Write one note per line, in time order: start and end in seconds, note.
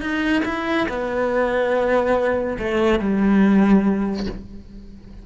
0.00 0.42 D#4
0.45 0.87 E4
0.88 2.57 B3
2.59 2.99 A3
2.99 4.26 G3